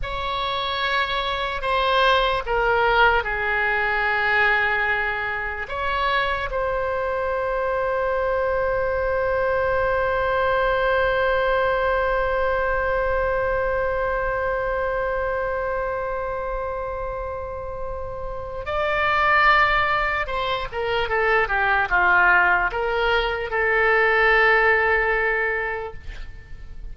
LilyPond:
\new Staff \with { instrumentName = "oboe" } { \time 4/4 \tempo 4 = 74 cis''2 c''4 ais'4 | gis'2. cis''4 | c''1~ | c''1~ |
c''1~ | c''2. d''4~ | d''4 c''8 ais'8 a'8 g'8 f'4 | ais'4 a'2. | }